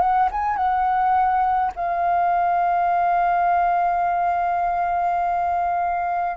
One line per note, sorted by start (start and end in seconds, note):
0.00 0.29 F#5
0.31 0.56 G#5
0.56 1.72 F#5
1.76 6.37 F5